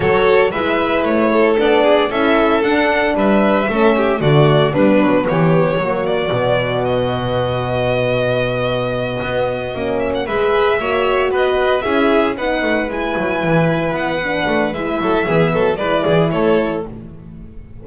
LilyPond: <<
  \new Staff \with { instrumentName = "violin" } { \time 4/4 \tempo 4 = 114 cis''4 e''4 cis''4 d''4 | e''4 fis''4 e''2 | d''4 b'4 cis''4. d''8~ | d''4 dis''2.~ |
dis''2. e''16 fis''16 e''8~ | e''4. dis''4 e''4 fis''8~ | fis''8 gis''2 fis''4. | e''2 d''4 cis''4 | }
  \new Staff \with { instrumentName = "violin" } { \time 4/4 a'4 b'4. a'4 gis'8 | a'2 b'4 a'8 g'8 | fis'4 d'4 g'4 fis'4~ | fis'1~ |
fis'2.~ fis'8 b'8~ | b'8 cis''4 b'4 gis'4 b'8~ | b'1~ | b'8 a'8 gis'8 a'8 b'8 gis'8 a'4 | }
  \new Staff \with { instrumentName = "horn" } { \time 4/4 fis'4 e'2 d'4 | e'4 d'2 cis'4 | a4 b2 ais4 | b1~ |
b2~ b8 cis'4 gis'8~ | gis'8 fis'2 e'4 dis'8~ | dis'8 e'2~ e'8 d'4 | e'4 b4 e'2 | }
  \new Staff \with { instrumentName = "double bass" } { \time 4/4 fis4 gis4 a4 b4 | cis'4 d'4 g4 a4 | d4 g8 fis8 e4 fis4 | b,1~ |
b,4. b4 ais4 gis8~ | gis8 ais4 b4 cis'4 b8 | a8 gis8 fis8 e4 b4 a8 | gis8 fis8 e8 fis8 gis8 e8 a4 | }
>>